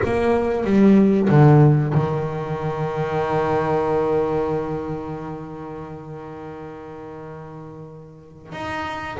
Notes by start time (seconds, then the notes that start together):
0.04 A#3
0.64 G3
1.29 D3
1.94 D#3
8.52 D#4